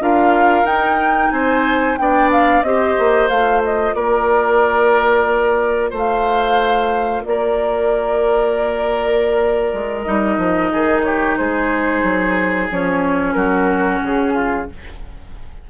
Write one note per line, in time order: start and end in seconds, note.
0.00 0.63 D4
0.00 0.65 F4
0.00 1.32 A#4
0.00 0.66 F5
0.63 1.29 D#4
0.63 1.97 D#4
0.63 1.31 G5
1.31 1.97 C4
1.31 1.98 C5
1.31 1.97 G#5
1.97 2.63 B3
1.97 2.64 D4
1.97 2.66 D5
1.97 2.30 G5
2.32 2.62 F5
2.62 2.96 C4
2.62 3.30 G4
2.62 3.95 C5
2.62 3.28 D#5
2.98 3.30 A#3
3.29 3.95 A3
3.29 10.05 F4
3.29 3.62 F5
3.64 3.94 D#5
3.94 5.92 A#3
3.94 5.90 A#4
3.94 5.91 D5
5.90 7.24 A3
5.90 7.22 C5
5.98 7.24 F5
7.24 9.73 A#3
7.24 10.72 A#4
7.24 10.02 D5
9.73 10.06 G#3
10.02 10.37 G3
10.02 12.69 D#4
10.02 11.01 D#5
10.37 10.70 F3
10.72 11.39 D#3
10.72 11.05 G#4
11.03 11.38 G4
11.03 11.36 C#5
11.37 12.03 G#3
11.37 13.35 G#4
11.37 12.69 C5
12.03 12.69 F#3
12.71 13.35 F3
12.71 14.70 C#4
12.71 13.32 C#5
13.32 14.01 F#3
13.32 14.33 F#4
13.32 13.98 A#4
14.02 14.67 C#3
14.02 14.70 G#4
14.33 14.66 F4